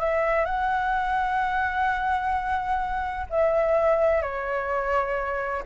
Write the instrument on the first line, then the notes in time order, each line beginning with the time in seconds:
flute
0.00 E5
0.46 F#5
3.30 E5
4.23 C#5